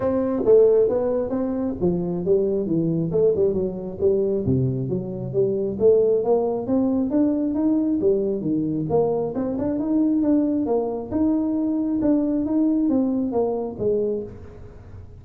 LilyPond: \new Staff \with { instrumentName = "tuba" } { \time 4/4 \tempo 4 = 135 c'4 a4 b4 c'4 | f4 g4 e4 a8 g8 | fis4 g4 c4 fis4 | g4 a4 ais4 c'4 |
d'4 dis'4 g4 dis4 | ais4 c'8 d'8 dis'4 d'4 | ais4 dis'2 d'4 | dis'4 c'4 ais4 gis4 | }